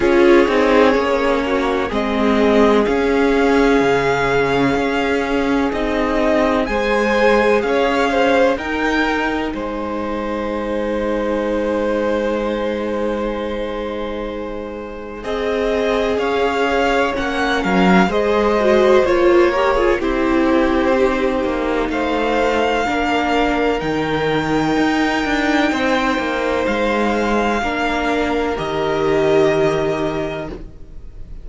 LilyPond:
<<
  \new Staff \with { instrumentName = "violin" } { \time 4/4 \tempo 4 = 63 cis''2 dis''4 f''4~ | f''2 dis''4 gis''4 | f''4 g''4 gis''2~ | gis''1~ |
gis''4 f''4 fis''8 f''8 dis''4 | cis''4 c''2 f''4~ | f''4 g''2. | f''2 dis''2 | }
  \new Staff \with { instrumentName = "violin" } { \time 4/4 gis'4. fis'8 gis'2~ | gis'2. c''4 | cis''8 c''8 ais'4 c''2~ | c''1 |
dis''4 cis''4. ais'8 c''4~ | c''8 ais'16 gis'16 g'2 c''4 | ais'2. c''4~ | c''4 ais'2. | }
  \new Staff \with { instrumentName = "viola" } { \time 4/4 f'8 dis'8 cis'4 c'4 cis'4~ | cis'2 dis'4 gis'4~ | gis'4 dis'2.~ | dis'1 |
gis'2 cis'4 gis'8 fis'8 | f'8 g'16 f'16 e'4 dis'2 | d'4 dis'2.~ | dis'4 d'4 g'2 | }
  \new Staff \with { instrumentName = "cello" } { \time 4/4 cis'8 c'8 ais4 gis4 cis'4 | cis4 cis'4 c'4 gis4 | cis'4 dis'4 gis2~ | gis1 |
c'4 cis'4 ais8 fis8 gis4 | ais4 c'4. ais8 a4 | ais4 dis4 dis'8 d'8 c'8 ais8 | gis4 ais4 dis2 | }
>>